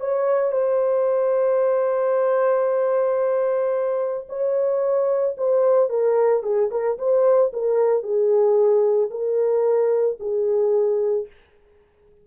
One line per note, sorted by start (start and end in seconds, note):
0.00 0.52 C#5
0.52 4.27 C5
4.29 5.36 C#5
5.37 5.89 C5
5.89 6.43 A#4
6.43 6.70 G#4
6.71 6.98 A#4
6.98 7.51 C5
7.53 8.03 A#4
8.03 9.10 G#4
9.10 10.17 A#4
10.20 11.27 G#4